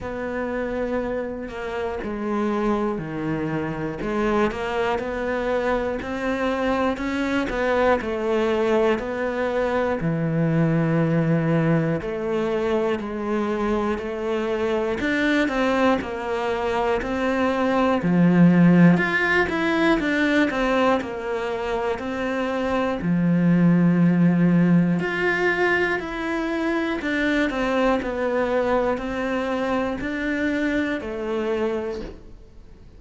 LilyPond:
\new Staff \with { instrumentName = "cello" } { \time 4/4 \tempo 4 = 60 b4. ais8 gis4 dis4 | gis8 ais8 b4 c'4 cis'8 b8 | a4 b4 e2 | a4 gis4 a4 d'8 c'8 |
ais4 c'4 f4 f'8 e'8 | d'8 c'8 ais4 c'4 f4~ | f4 f'4 e'4 d'8 c'8 | b4 c'4 d'4 a4 | }